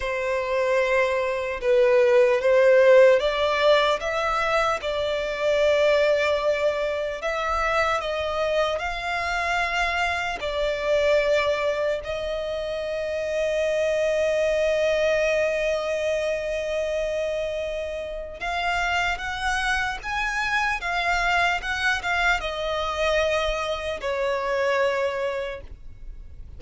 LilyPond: \new Staff \with { instrumentName = "violin" } { \time 4/4 \tempo 4 = 75 c''2 b'4 c''4 | d''4 e''4 d''2~ | d''4 e''4 dis''4 f''4~ | f''4 d''2 dis''4~ |
dis''1~ | dis''2. f''4 | fis''4 gis''4 f''4 fis''8 f''8 | dis''2 cis''2 | }